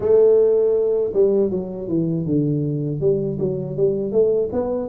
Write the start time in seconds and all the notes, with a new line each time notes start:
0.00 A3
1.13 G3
1.50 F#3
1.88 E3
2.25 D3
3.00 G3
3.39 F#3
3.76 G3
4.11 A3
4.52 B3